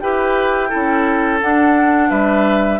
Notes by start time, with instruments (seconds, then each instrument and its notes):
0.00 bassoon E4, clarinet G4, oboe B4, flute G5
0.69 bassoon C#4, clarinet E4, oboe A4
1.41 clarinet D4, bassoon D4, flute F#5
2.10 bassoon G3, oboe B4, flute E5